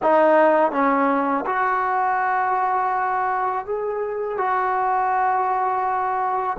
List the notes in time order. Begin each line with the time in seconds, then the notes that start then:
0.02 D#4
0.72 C#4
1.46 F#4
3.65 G#4
4.37 F#4